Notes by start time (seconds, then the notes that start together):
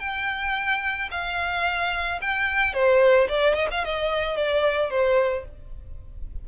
0.00 G5
1.11 F5
2.22 G5
2.73 C5
3.29 D5
3.55 D#5
3.71 F5
3.85 D#5
4.37 D5
4.90 C5